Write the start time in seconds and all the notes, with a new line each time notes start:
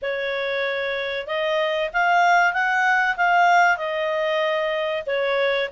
0.01 C#5
1.26 D#5
1.93 F5
2.53 F#5
3.17 F5
3.77 D#5
5.06 C#5